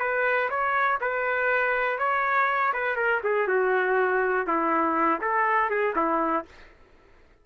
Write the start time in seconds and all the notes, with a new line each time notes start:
0.00 B4
0.50 C#5
1.01 B4
1.99 C#5
2.74 B4
2.96 A#4
3.24 G#4
3.48 F#4
4.47 E4
5.22 A4
5.70 G#4
5.96 E4